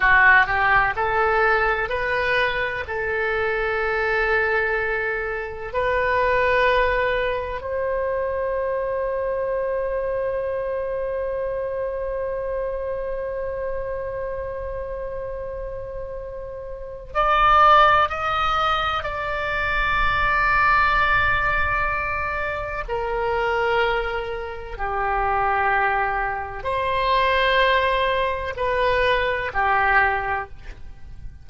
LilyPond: \new Staff \with { instrumentName = "oboe" } { \time 4/4 \tempo 4 = 63 fis'8 g'8 a'4 b'4 a'4~ | a'2 b'2 | c''1~ | c''1~ |
c''2 d''4 dis''4 | d''1 | ais'2 g'2 | c''2 b'4 g'4 | }